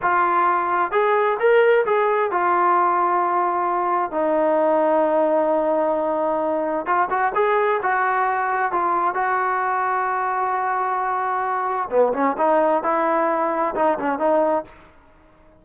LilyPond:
\new Staff \with { instrumentName = "trombone" } { \time 4/4 \tempo 4 = 131 f'2 gis'4 ais'4 | gis'4 f'2.~ | f'4 dis'2.~ | dis'2. f'8 fis'8 |
gis'4 fis'2 f'4 | fis'1~ | fis'2 b8 cis'8 dis'4 | e'2 dis'8 cis'8 dis'4 | }